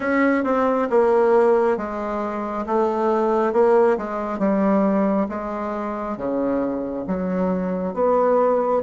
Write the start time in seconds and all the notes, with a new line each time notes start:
0.00 C#4
0.44 C4
0.90 A#3
1.77 G#3
2.66 A3
3.53 A#3
3.97 G#3
4.38 G3
5.29 G#3
6.17 C#3
7.07 F#3
7.94 B3